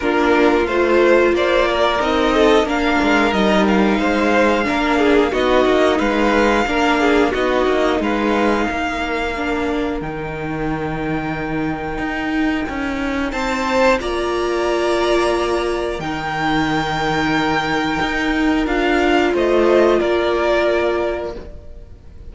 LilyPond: <<
  \new Staff \with { instrumentName = "violin" } { \time 4/4 \tempo 4 = 90 ais'4 c''4 d''4 dis''4 | f''4 dis''8 f''2~ f''8 | dis''4 f''2 dis''4 | f''2. g''4~ |
g''1 | a''4 ais''2. | g''1 | f''4 dis''4 d''2 | }
  \new Staff \with { instrumentName = "violin" } { \time 4/4 f'2 c''8 ais'4 a'8 | ais'2 c''4 ais'8 gis'8 | fis'4 b'4 ais'8 gis'8 fis'4 | b'4 ais'2.~ |
ais'1 | c''4 d''2. | ais'1~ | ais'4 c''4 ais'2 | }
  \new Staff \with { instrumentName = "viola" } { \time 4/4 d'4 f'2 dis'4 | d'4 dis'2 d'4 | dis'2 d'4 dis'4~ | dis'2 d'4 dis'4~ |
dis'1~ | dis'4 f'2. | dis'1 | f'1 | }
  \new Staff \with { instrumentName = "cello" } { \time 4/4 ais4 a4 ais4 c'4 | ais8 gis8 g4 gis4 ais4 | b8 ais8 gis4 ais4 b8 ais8 | gis4 ais2 dis4~ |
dis2 dis'4 cis'4 | c'4 ais2. | dis2. dis'4 | d'4 a4 ais2 | }
>>